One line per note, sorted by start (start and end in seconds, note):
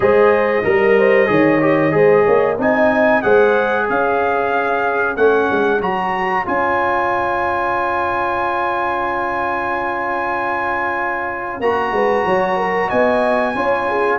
0.00 0.62 G#3
0.00 0.62 G#4
0.00 0.65 C5
0.00 2.58 D#5
0.63 1.29 G3
0.63 1.26 A#4
0.63 0.97 A#4
0.98 1.29 C5
1.26 1.93 D#3
1.26 1.58 G#4
1.26 1.94 C#5
1.60 1.91 G4
1.91 2.26 G#3
1.91 2.55 G#4
1.91 2.24 C5
2.24 2.58 A#3
2.24 2.57 C#5
2.58 3.22 C4
2.58 3.22 D#4
2.58 3.24 D#5
2.58 3.22 G#5
3.22 3.89 G#3
3.22 5.16 G#4
3.22 3.85 C5
3.22 3.86 F#5
3.85 5.17 C#4
3.85 11.92 C#5
3.85 5.16 F5
5.16 5.49 A3
5.16 5.80 C#4
5.16 5.81 F#5
5.51 5.80 G#3
5.80 6.45 F#3
5.80 6.45 F#4
5.80 6.46 A#5
6.45 11.60 C#4
6.45 11.61 F4
6.45 11.61 G#5
11.60 11.91 A#3
11.60 13.55 F#4
11.60 12.89 A#5
11.91 12.23 G#3
11.91 12.25 B4
12.25 12.90 F#3
12.25 12.56 C#5
12.56 12.88 A#4
12.88 13.55 B3
12.88 13.52 D#5
12.88 14.18 G#5
13.55 14.18 C#4
13.55 14.18 F4
13.55 13.88 C#5
13.88 14.18 G#4